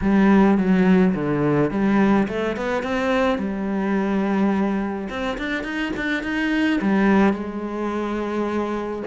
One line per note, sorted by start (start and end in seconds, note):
0.01 0.57 G3
0.57 1.14 F#3
1.14 1.71 D3
1.71 2.27 G3
2.28 2.56 A3
2.56 2.82 B3
2.82 3.38 C4
3.38 5.08 G3
5.09 5.37 C4
5.38 5.63 D4
5.63 5.92 D#4
5.96 6.23 D4
6.23 6.80 D#4
6.81 7.33 G3
7.33 9.03 G#3